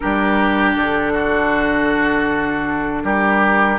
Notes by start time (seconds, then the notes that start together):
0.00 G3 D4 G4 A#4
0.75 D3 A4
1.12 F#4
3.03 G3 G4 A#4